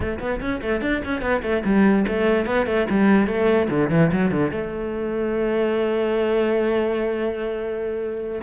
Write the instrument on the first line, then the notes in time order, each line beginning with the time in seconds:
cello
0.00 A3
0.19 B3
0.40 C#4
0.61 A3
0.81 D4
1.04 C#4
1.21 B3
1.42 A3
1.64 G3
2.07 A3
2.45 B3
2.66 A3
2.90 G3
3.27 A3
3.69 D3
3.90 E3
4.12 F#3
4.31 D3
4.51 A3